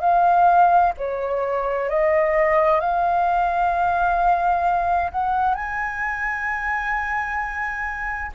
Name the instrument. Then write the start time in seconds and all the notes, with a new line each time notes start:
flute
0.00 F5
0.97 C#5
1.89 D#5
2.80 F5
5.11 F#5
5.54 G#5